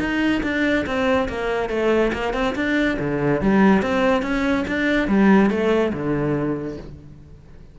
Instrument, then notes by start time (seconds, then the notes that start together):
cello
0.00 D#4
0.44 D4
0.86 C4
1.29 A#3
1.70 A3
2.13 A#3
2.34 C4
2.56 D4
3.00 D3
3.42 G3
3.82 C4
4.23 C#4
4.68 D4
5.08 G3
5.51 A3
5.93 D3